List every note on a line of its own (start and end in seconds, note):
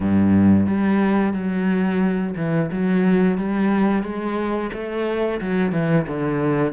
0.00 0.66 G2
0.66 1.33 G3
1.33 2.34 F#3
2.36 2.70 E3
2.71 3.37 F#3
3.37 4.02 G3
4.02 4.70 G#3
4.73 5.40 A3
5.40 5.72 F#3
5.72 6.06 E3
6.07 6.72 D3